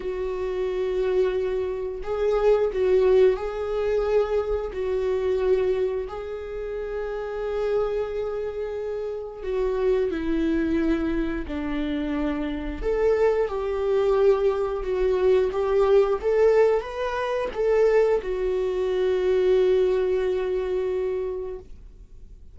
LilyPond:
\new Staff \with { instrumentName = "viola" } { \time 4/4 \tempo 4 = 89 fis'2. gis'4 | fis'4 gis'2 fis'4~ | fis'4 gis'2.~ | gis'2 fis'4 e'4~ |
e'4 d'2 a'4 | g'2 fis'4 g'4 | a'4 b'4 a'4 fis'4~ | fis'1 | }